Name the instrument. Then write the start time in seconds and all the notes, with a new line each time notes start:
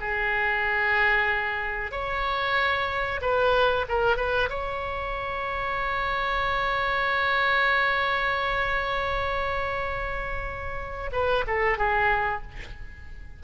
oboe
0.00 G#4
1.91 C#5
3.21 B4
3.88 A#4
4.16 B4
4.49 C#5
11.12 B4
11.47 A4
11.77 G#4